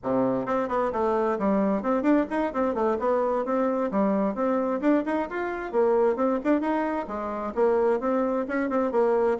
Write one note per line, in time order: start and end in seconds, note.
0.03 0.45 C3
0.45 0.68 C4
0.68 0.91 B3
0.92 1.38 A3
1.39 1.82 G3
1.82 2.02 C4
2.02 2.25 D4
2.30 2.53 D#4
2.53 2.74 C4
2.74 2.97 A3
2.99 3.45 B3
3.45 3.91 C4
3.91 4.34 G3
4.34 4.80 C4
4.80 5.03 D4
5.05 5.28 D#4
5.29 5.71 F4
5.71 6.16 A#3
6.16 6.39 C4
6.44 6.60 D4
6.60 7.06 D#4
7.07 7.53 G#3
7.54 8.00 A#3
8.00 8.45 C4
8.47 8.69 C#4
8.69 8.91 C4
8.91 9.37 A#3